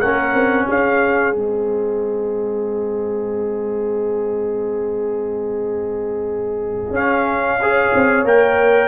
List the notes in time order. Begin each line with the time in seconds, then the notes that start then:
0.00 A#3 C#4 A#4 F#5
0.34 C4
0.68 C#4 G#4 F5
1.32 G#3 C4 D#5
6.91 C#4 F5
7.62 G#4 C#5
7.95 C4
8.25 A#3 A#4 G5